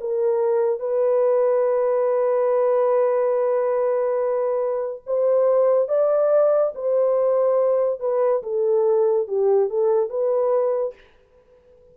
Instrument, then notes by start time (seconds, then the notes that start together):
horn
0.00 A#4
0.79 B4
5.06 C5
5.88 D5
6.75 C5
8.00 B4
8.43 A4
9.27 G4
9.70 A4
10.09 B4